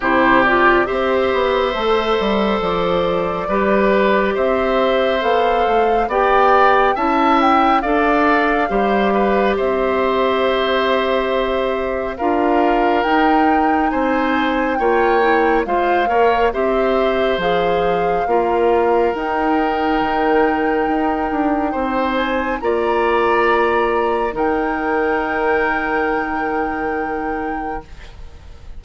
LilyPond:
<<
  \new Staff \with { instrumentName = "flute" } { \time 4/4 \tempo 4 = 69 c''8 d''8 e''2 d''4~ | d''4 e''4 f''4 g''4 | a''8 g''8 f''2 e''4~ | e''2 f''4 g''4 |
gis''4 g''4 f''4 e''4 | f''2 g''2~ | g''4. gis''8 ais''2 | g''1 | }
  \new Staff \with { instrumentName = "oboe" } { \time 4/4 g'4 c''2. | b'4 c''2 d''4 | e''4 d''4 c''8 b'8 c''4~ | c''2 ais'2 |
c''4 cis''4 c''8 cis''8 c''4~ | c''4 ais'2.~ | ais'4 c''4 d''2 | ais'1 | }
  \new Staff \with { instrumentName = "clarinet" } { \time 4/4 e'8 f'8 g'4 a'2 | g'2 a'4 g'4 | e'4 a'4 g'2~ | g'2 f'4 dis'4~ |
dis'4 f'8 e'8 f'8 ais'8 g'4 | gis'4 f'4 dis'2~ | dis'2 f'2 | dis'1 | }
  \new Staff \with { instrumentName = "bassoon" } { \time 4/4 c4 c'8 b8 a8 g8 f4 | g4 c'4 b8 a8 b4 | cis'4 d'4 g4 c'4~ | c'2 d'4 dis'4 |
c'4 ais4 gis8 ais8 c'4 | f4 ais4 dis'4 dis4 | dis'8 d'8 c'4 ais2 | dis1 | }
>>